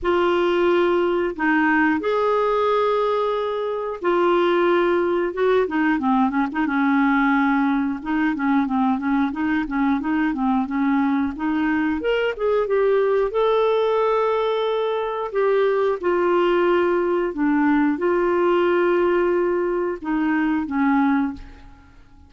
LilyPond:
\new Staff \with { instrumentName = "clarinet" } { \time 4/4 \tempo 4 = 90 f'2 dis'4 gis'4~ | gis'2 f'2 | fis'8 dis'8 c'8 cis'16 dis'16 cis'2 | dis'8 cis'8 c'8 cis'8 dis'8 cis'8 dis'8 c'8 |
cis'4 dis'4 ais'8 gis'8 g'4 | a'2. g'4 | f'2 d'4 f'4~ | f'2 dis'4 cis'4 | }